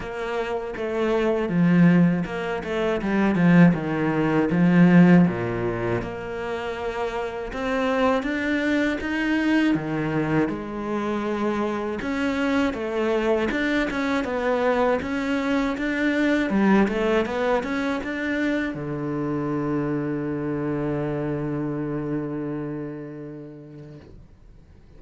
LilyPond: \new Staff \with { instrumentName = "cello" } { \time 4/4 \tempo 4 = 80 ais4 a4 f4 ais8 a8 | g8 f8 dis4 f4 ais,4 | ais2 c'4 d'4 | dis'4 dis4 gis2 |
cis'4 a4 d'8 cis'8 b4 | cis'4 d'4 g8 a8 b8 cis'8 | d'4 d2.~ | d1 | }